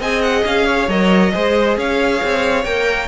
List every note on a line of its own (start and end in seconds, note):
0.00 0.44 C4
0.00 0.90 G#4
0.00 0.66 D#5
0.00 0.22 G#5
0.22 0.44 F#5
0.45 0.88 C#4
0.45 0.90 F5
0.66 1.32 C#5
0.88 1.33 F#3
0.88 1.32 A#4
0.88 1.78 D#5
1.32 1.77 G#3
1.32 2.65 G#4
1.32 1.78 C5
1.77 2.21 C#4
1.77 3.09 C#5
1.77 2.65 F5
2.24 2.65 C4
2.65 3.09 A#3
2.65 3.09 A#4
2.65 3.09 G5